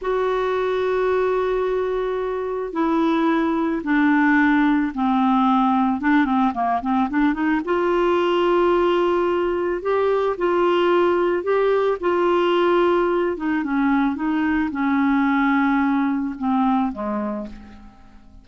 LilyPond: \new Staff \with { instrumentName = "clarinet" } { \time 4/4 \tempo 4 = 110 fis'1~ | fis'4 e'2 d'4~ | d'4 c'2 d'8 c'8 | ais8 c'8 d'8 dis'8 f'2~ |
f'2 g'4 f'4~ | f'4 g'4 f'2~ | f'8 dis'8 cis'4 dis'4 cis'4~ | cis'2 c'4 gis4 | }